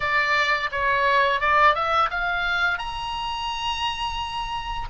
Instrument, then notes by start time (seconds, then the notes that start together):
oboe
0.00 D5
0.71 C#5
1.40 D5
1.74 E5
2.10 F5
2.78 A#5